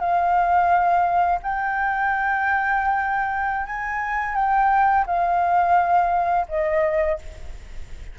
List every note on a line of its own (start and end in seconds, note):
0.00 1.40 F5
1.43 3.67 G5
3.67 4.35 G#5
4.35 5.05 G5
5.07 6.47 F5
6.49 7.19 D#5